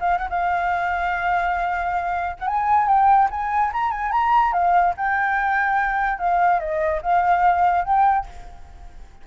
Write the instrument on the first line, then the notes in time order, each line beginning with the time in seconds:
flute
0.00 F5
0.18 F#5
0.30 F5
2.39 F#5
2.47 G#5
2.88 G5
3.30 G#5
3.73 A#5
3.91 G#5
4.12 A#5
4.53 F5
4.97 G5
6.19 F5
6.60 D#5
7.02 F5
7.85 G5